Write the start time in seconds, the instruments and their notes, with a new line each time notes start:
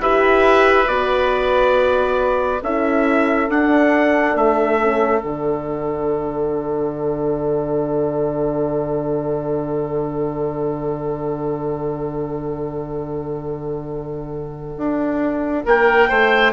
0.00 bassoon E4, horn G4, oboe B4, trumpet E5
0.87 bassoon B3, horn F#4, trumpet D5
2.62 bassoon C#4, horn E4, oboe A4, trumpet E5
3.49 bassoon D4, horn D4, trumpet F#5
4.36 bassoon A3, trumpet E5
4.80 horn C#4
5.22 bassoon D3, horn D4, trumpet F#5
14.77 bassoon D4
15.65 bassoon A#3, oboe A#4, trumpet G5
16.09 bassoon A3, oboe C5